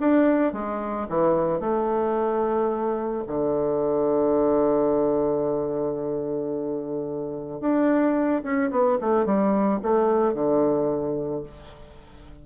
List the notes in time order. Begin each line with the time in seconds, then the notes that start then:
0.00 D4
0.53 G#3
1.09 E3
1.60 A3
3.27 D3
7.60 D4
8.43 C#4
8.71 B3
9.01 A3
9.26 G3
9.82 A3
10.34 D3